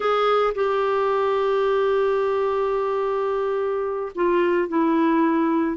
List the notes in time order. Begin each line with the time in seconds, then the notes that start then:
0.00 G#4
0.54 G4
4.15 F4
4.68 E4